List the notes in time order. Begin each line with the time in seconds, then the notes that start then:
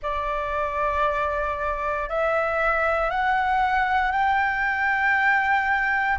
0.02 D5
2.09 E5
3.10 F#5
4.11 G5